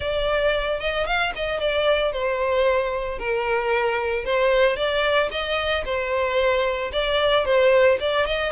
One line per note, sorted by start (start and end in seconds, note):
0.00 0.80 D5
0.80 1.06 D#5
1.06 1.33 F5
1.35 1.60 D#5
1.60 2.12 D5
2.12 3.18 C5
3.19 4.24 A#4
4.24 4.76 C5
4.76 5.29 D5
5.31 5.84 D#5
5.85 6.91 C5
6.92 7.45 D5
7.45 7.98 C5
8.00 8.26 D5
8.26 8.51 D#5